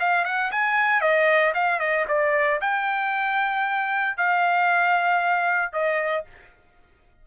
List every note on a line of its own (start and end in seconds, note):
0.00 0.25 F5
0.25 0.51 F#5
0.52 1.01 G#5
1.01 1.53 D#5
1.55 1.80 F5
1.80 2.06 D#5
2.08 2.61 D5
2.61 4.17 G5
4.17 5.73 F5
5.73 6.25 D#5